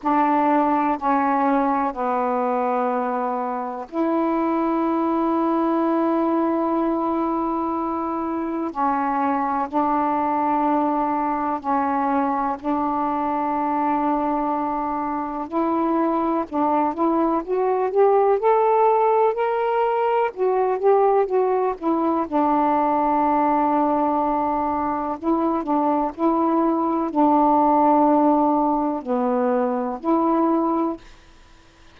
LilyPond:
\new Staff \with { instrumentName = "saxophone" } { \time 4/4 \tempo 4 = 62 d'4 cis'4 b2 | e'1~ | e'4 cis'4 d'2 | cis'4 d'2. |
e'4 d'8 e'8 fis'8 g'8 a'4 | ais'4 fis'8 g'8 fis'8 e'8 d'4~ | d'2 e'8 d'8 e'4 | d'2 b4 e'4 | }